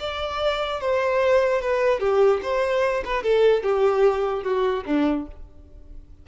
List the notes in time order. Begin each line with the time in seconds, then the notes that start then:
0.00 D5
0.81 C5
1.62 B4
2.00 G4
2.43 C5
3.05 B4
3.23 A4
3.63 G4
4.44 F#4
4.86 D4